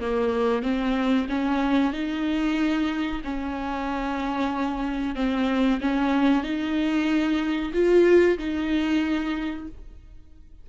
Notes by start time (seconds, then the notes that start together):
0.00 A#3
0.62 C4
1.29 C#4
1.93 D#4
3.24 C#4
5.15 C4
5.80 C#4
6.43 D#4
7.73 F4
8.38 D#4